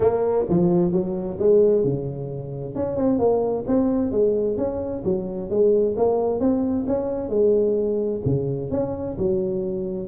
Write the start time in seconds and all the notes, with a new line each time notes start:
0.00 A#3
0.49 F3
0.92 F#3
1.39 G#3
1.84 C#3
2.75 C#4
2.96 C4
3.19 A#3
3.67 C4
4.11 G#3
4.57 C#4
5.04 F#3
5.49 G#3
5.96 A#3
6.39 C4
6.87 C#4
7.29 G#3
8.25 C#3
8.70 C#4
9.18 F#3